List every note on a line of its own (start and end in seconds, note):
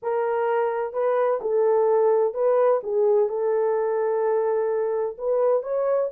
0.02 0.93 A#4
0.93 1.40 B4
1.41 2.34 A4
2.34 2.80 B4
2.83 3.29 G#4
3.29 5.16 A4
5.18 5.62 B4
5.62 6.09 C#5